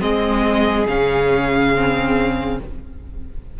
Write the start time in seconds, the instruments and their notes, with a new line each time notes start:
0.00 cello G#3, viola C4, violin G#4 D#5
0.87 cello C#3, viola C#4, violin F5
1.74 viola C4